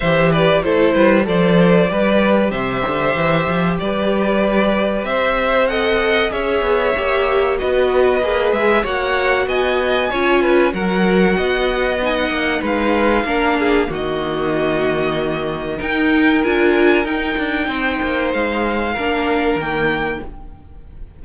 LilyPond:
<<
  \new Staff \with { instrumentName = "violin" } { \time 4/4 \tempo 4 = 95 e''8 d''8 c''4 d''2 | e''2 d''2 | e''4 fis''4 e''2 | dis''4. e''8 fis''4 gis''4~ |
gis''4 fis''2 gis''16 fis''8. | f''2 dis''2~ | dis''4 g''4 gis''4 g''4~ | g''4 f''2 g''4 | }
  \new Staff \with { instrumentName = "violin" } { \time 4/4 c''8 b'8 a'8 b'8 c''4 b'4 | c''2 b'2 | c''4 dis''4 cis''2 | b'2 cis''4 dis''4 |
cis''8 b'8 ais'4 dis''2 | b'4 ais'8 gis'8 fis'2~ | fis'4 ais'2. | c''2 ais'2 | }
  \new Staff \with { instrumentName = "viola" } { \time 4/4 g'4 e'4 a'4 g'4~ | g'1~ | g'4 a'4 gis'4 g'4 | fis'4 gis'4 fis'2 |
f'4 fis'2 dis'4~ | dis'4 d'4 ais2~ | ais4 dis'4 f'4 dis'4~ | dis'2 d'4 ais4 | }
  \new Staff \with { instrumentName = "cello" } { \time 4/4 e4 a8 g8 f4 g4 | c8 d8 e8 f8 g2 | c'2 cis'8 b8 ais4 | b4 ais8 gis8 ais4 b4 |
cis'4 fis4 b4. ais8 | gis4 ais4 dis2~ | dis4 dis'4 d'4 dis'8 d'8 | c'8 ais8 gis4 ais4 dis4 | }
>>